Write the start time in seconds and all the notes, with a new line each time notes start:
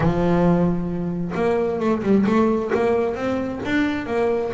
0.00 F3
1.34 A#3
1.79 A3
2.02 G3
2.26 A3
2.74 A#3
3.15 C4
3.65 D4
4.06 A#3